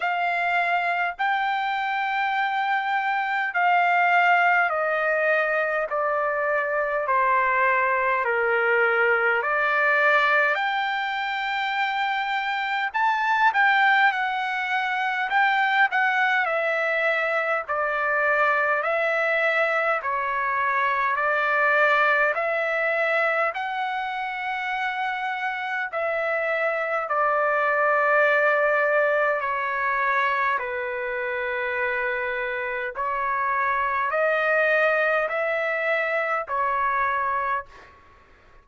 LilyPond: \new Staff \with { instrumentName = "trumpet" } { \time 4/4 \tempo 4 = 51 f''4 g''2 f''4 | dis''4 d''4 c''4 ais'4 | d''4 g''2 a''8 g''8 | fis''4 g''8 fis''8 e''4 d''4 |
e''4 cis''4 d''4 e''4 | fis''2 e''4 d''4~ | d''4 cis''4 b'2 | cis''4 dis''4 e''4 cis''4 | }